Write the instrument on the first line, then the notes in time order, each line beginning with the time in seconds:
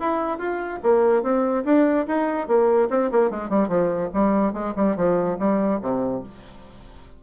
bassoon
0.00 E4
0.38 F4
0.82 A#3
1.23 C4
1.65 D4
2.07 D#4
2.47 A#3
2.90 C4
3.11 A#3
3.30 G#3
3.49 G3
3.68 F3
4.13 G3
4.53 G#3
4.76 G3
4.96 F3
5.39 G3
5.82 C3